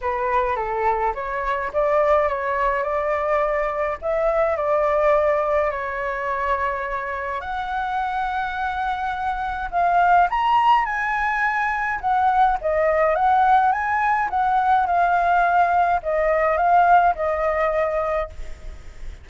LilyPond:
\new Staff \with { instrumentName = "flute" } { \time 4/4 \tempo 4 = 105 b'4 a'4 cis''4 d''4 | cis''4 d''2 e''4 | d''2 cis''2~ | cis''4 fis''2.~ |
fis''4 f''4 ais''4 gis''4~ | gis''4 fis''4 dis''4 fis''4 | gis''4 fis''4 f''2 | dis''4 f''4 dis''2 | }